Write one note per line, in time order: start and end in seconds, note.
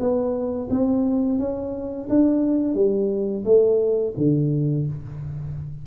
0.00 0.69 B3
0.70 1.39 C4
1.39 2.08 C#4
2.09 2.75 D4
2.75 3.44 G3
3.45 4.14 A3
4.18 4.87 D3